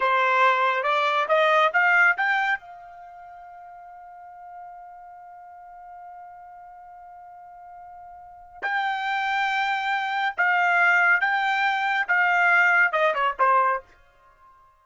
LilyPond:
\new Staff \with { instrumentName = "trumpet" } { \time 4/4 \tempo 4 = 139 c''2 d''4 dis''4 | f''4 g''4 f''2~ | f''1~ | f''1~ |
f''1 | g''1 | f''2 g''2 | f''2 dis''8 cis''8 c''4 | }